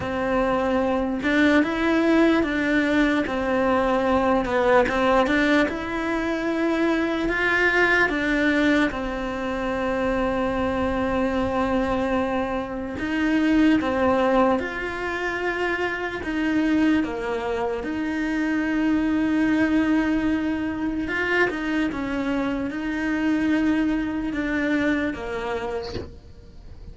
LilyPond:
\new Staff \with { instrumentName = "cello" } { \time 4/4 \tempo 4 = 74 c'4. d'8 e'4 d'4 | c'4. b8 c'8 d'8 e'4~ | e'4 f'4 d'4 c'4~ | c'1 |
dis'4 c'4 f'2 | dis'4 ais4 dis'2~ | dis'2 f'8 dis'8 cis'4 | dis'2 d'4 ais4 | }